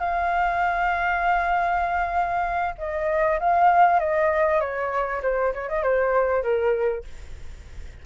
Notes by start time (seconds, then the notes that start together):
0.00 F5
2.79 D#5
3.40 F5
4.00 D#5
4.61 C#5
5.23 C5
5.54 C#5
5.69 D#5
5.83 C5
6.43 A#4